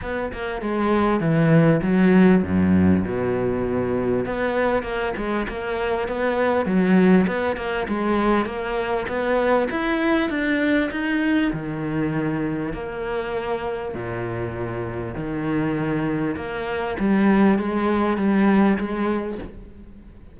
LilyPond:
\new Staff \with { instrumentName = "cello" } { \time 4/4 \tempo 4 = 99 b8 ais8 gis4 e4 fis4 | fis,4 b,2 b4 | ais8 gis8 ais4 b4 fis4 | b8 ais8 gis4 ais4 b4 |
e'4 d'4 dis'4 dis4~ | dis4 ais2 ais,4~ | ais,4 dis2 ais4 | g4 gis4 g4 gis4 | }